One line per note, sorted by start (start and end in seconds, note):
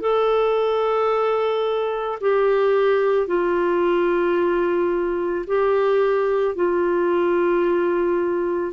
0.00 2.18 A4
2.20 3.27 G4
3.27 5.45 F4
5.46 6.55 G4
6.55 8.72 F4